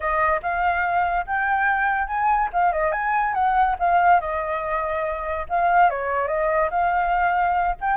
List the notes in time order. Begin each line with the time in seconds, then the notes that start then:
0.00 D#5
0.42 F5
1.26 G5
2.07 G#5
2.53 F5
2.72 D#5
2.92 G#5
3.34 F#5
3.79 F5
4.20 D#5
5.49 F5
5.90 C#5
6.27 D#5
6.70 F5
7.80 G5